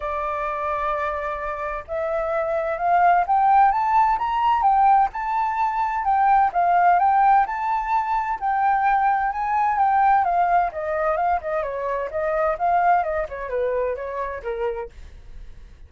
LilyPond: \new Staff \with { instrumentName = "flute" } { \time 4/4 \tempo 4 = 129 d''1 | e''2 f''4 g''4 | a''4 ais''4 g''4 a''4~ | a''4 g''4 f''4 g''4 |
a''2 g''2 | gis''4 g''4 f''4 dis''4 | f''8 dis''8 cis''4 dis''4 f''4 | dis''8 cis''8 b'4 cis''4 ais'4 | }